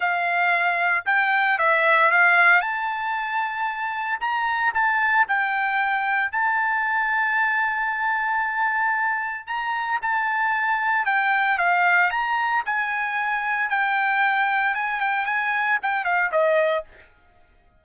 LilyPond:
\new Staff \with { instrumentName = "trumpet" } { \time 4/4 \tempo 4 = 114 f''2 g''4 e''4 | f''4 a''2. | ais''4 a''4 g''2 | a''1~ |
a''2 ais''4 a''4~ | a''4 g''4 f''4 ais''4 | gis''2 g''2 | gis''8 g''8 gis''4 g''8 f''8 dis''4 | }